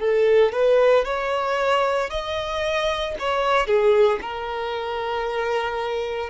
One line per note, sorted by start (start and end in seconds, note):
0.00 0.53 A4
0.53 1.05 B4
1.05 2.11 C#5
2.11 3.16 D#5
3.20 3.67 C#5
3.67 4.20 G#4
4.22 6.30 A#4